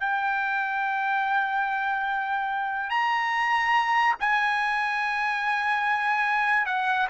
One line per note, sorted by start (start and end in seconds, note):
0.00 2.90 G5
2.90 4.15 A#5
4.20 6.66 G#5
6.66 7.08 F#5